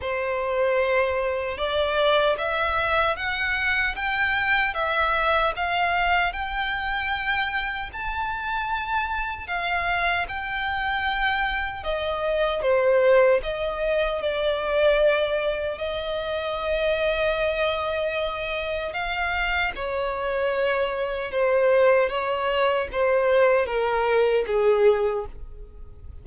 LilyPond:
\new Staff \with { instrumentName = "violin" } { \time 4/4 \tempo 4 = 76 c''2 d''4 e''4 | fis''4 g''4 e''4 f''4 | g''2 a''2 | f''4 g''2 dis''4 |
c''4 dis''4 d''2 | dis''1 | f''4 cis''2 c''4 | cis''4 c''4 ais'4 gis'4 | }